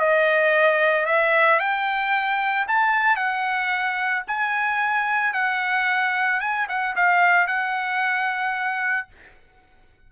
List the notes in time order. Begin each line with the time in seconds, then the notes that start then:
0.00 D#5
1.06 E5
1.60 G5
2.68 A5
3.17 F#5
4.28 G#5
5.34 F#5
6.41 G#5
6.69 F#5
6.96 F5
7.48 F#5